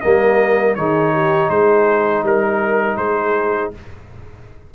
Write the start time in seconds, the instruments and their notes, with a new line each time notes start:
0.00 tuba G3, trombone A#3, horn A#4, trumpet D#5
0.75 tuba D#3, trombone D#4, horn G#4, trumpet C#5
1.13 horn G4
1.49 tuba G#3, horn G#4, trumpet C5
2.23 tuba G3, horn A#4, trumpet A#4
2.96 tuba G#3, horn G#4, trumpet C5